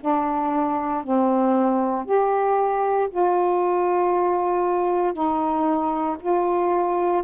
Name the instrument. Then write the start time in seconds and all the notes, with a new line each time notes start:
saxophone
0.00 D4
1.03 C4
2.05 G4
3.10 F4
5.13 D#4
6.20 F4